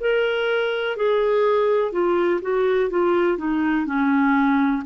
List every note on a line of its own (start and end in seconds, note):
0.00 0.97 A#4
0.97 1.92 G#4
1.92 2.40 F4
2.42 2.90 F#4
2.90 3.38 F4
3.38 3.86 D#4
3.86 4.83 C#4